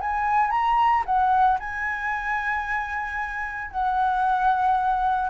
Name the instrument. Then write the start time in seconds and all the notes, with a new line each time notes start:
flute
0.00 G#5
0.50 A#5
1.05 F#5
1.59 G#5
3.70 F#5